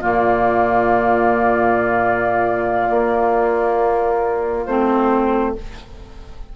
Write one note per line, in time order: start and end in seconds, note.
0.00 2.89 A#2
0.00 4.64 A#3
0.00 5.51 F4
0.00 4.65 D5
2.90 4.66 A#3
4.65 5.55 A3
4.65 5.56 C4
4.65 5.53 C5